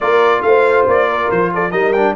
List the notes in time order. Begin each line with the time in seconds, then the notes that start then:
0.00 A#3 F4 A#4 D5
0.42 A3 C5 F5
0.87 A#3 D5
1.08 A#4
1.30 F3 C5
1.54 A4 D5
1.71 G3 D#4 A#4 D#5
1.92 D4 G5